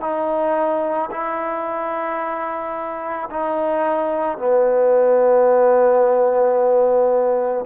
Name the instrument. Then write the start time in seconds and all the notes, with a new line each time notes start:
trombone
0.00 D#4
1.11 E4
3.30 D#4
4.38 B3